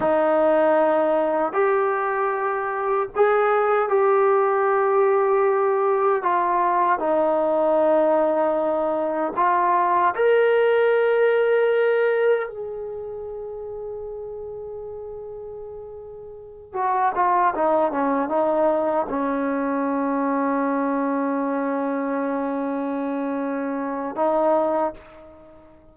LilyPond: \new Staff \with { instrumentName = "trombone" } { \time 4/4 \tempo 4 = 77 dis'2 g'2 | gis'4 g'2. | f'4 dis'2. | f'4 ais'2. |
gis'1~ | gis'4. fis'8 f'8 dis'8 cis'8 dis'8~ | dis'8 cis'2.~ cis'8~ | cis'2. dis'4 | }